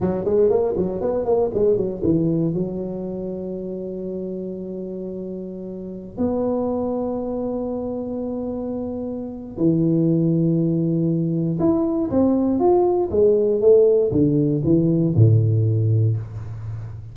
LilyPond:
\new Staff \with { instrumentName = "tuba" } { \time 4/4 \tempo 4 = 119 fis8 gis8 ais8 fis8 b8 ais8 gis8 fis8 | e4 fis2.~ | fis1~ | fis16 b2.~ b8.~ |
b2. e4~ | e2. e'4 | c'4 f'4 gis4 a4 | d4 e4 a,2 | }